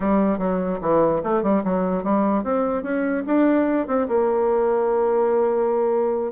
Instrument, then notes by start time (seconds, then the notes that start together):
bassoon
0.00 G3
0.38 F#3
0.81 E3
1.23 A3
1.42 G3
1.64 F#3
2.03 G3
2.43 C4
2.83 C#4
3.26 D4
3.87 C4
4.08 A#3